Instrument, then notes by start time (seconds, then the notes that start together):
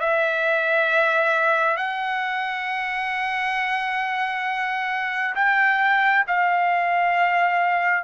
trumpet
0.00 E5
1.77 F#5
5.35 G5
6.27 F5